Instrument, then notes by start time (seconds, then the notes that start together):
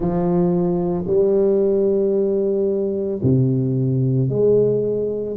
tuba
0.00 F3
1.07 G3
3.22 C3
4.29 G#3